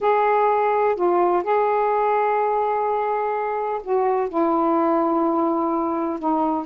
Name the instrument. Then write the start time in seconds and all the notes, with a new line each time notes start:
saxophone
0.00 G#4
0.95 F4
1.43 G#4
3.83 F#4
4.29 E4
6.19 D#4